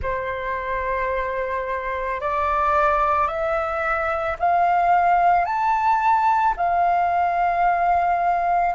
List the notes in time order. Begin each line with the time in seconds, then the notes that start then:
0.02 C5
2.21 D5
3.27 E5
4.39 F5
5.45 A5
6.57 F5